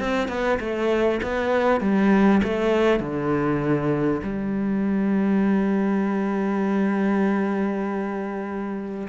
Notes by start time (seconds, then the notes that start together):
0.00 C4
0.28 B3
0.60 A3
1.23 B3
1.81 G3
2.44 A3
3.00 D3
4.23 G3